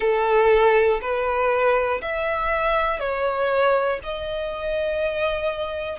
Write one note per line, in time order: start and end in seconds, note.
0.00 1.00 A4
1.01 2.01 B4
2.01 2.99 E5
2.99 3.99 C#5
4.03 5.99 D#5